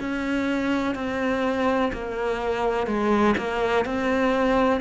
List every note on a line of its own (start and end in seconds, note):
0.00 0.95 C#4
0.95 1.92 C4
1.93 2.87 A#3
2.87 3.35 G#3
3.37 3.85 A#3
3.85 4.81 C4